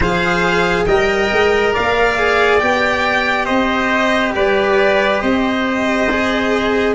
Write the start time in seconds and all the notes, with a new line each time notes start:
0.00 F3 G#4 C5 F5
0.85 G3 A#4 D#5 G5
1.32 G#3
1.73 A#3 D5 F5
2.18 G#4
2.59 B3 G4 G5
3.45 C4 C5 D#5
4.35 G3 B4 D5
5.20 C4 C5 D#5
6.10 G#4